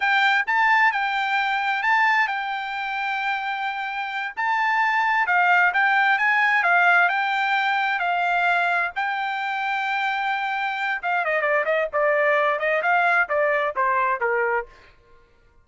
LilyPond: \new Staff \with { instrumentName = "trumpet" } { \time 4/4 \tempo 4 = 131 g''4 a''4 g''2 | a''4 g''2.~ | g''4. a''2 f''8~ | f''8 g''4 gis''4 f''4 g''8~ |
g''4. f''2 g''8~ | g''1 | f''8 dis''8 d''8 dis''8 d''4. dis''8 | f''4 d''4 c''4 ais'4 | }